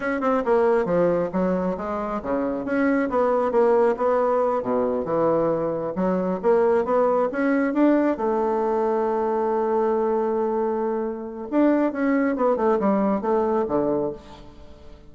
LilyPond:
\new Staff \with { instrumentName = "bassoon" } { \time 4/4 \tempo 4 = 136 cis'8 c'8 ais4 f4 fis4 | gis4 cis4 cis'4 b4 | ais4 b4. b,4 e8~ | e4. fis4 ais4 b8~ |
b8 cis'4 d'4 a4.~ | a1~ | a2 d'4 cis'4 | b8 a8 g4 a4 d4 | }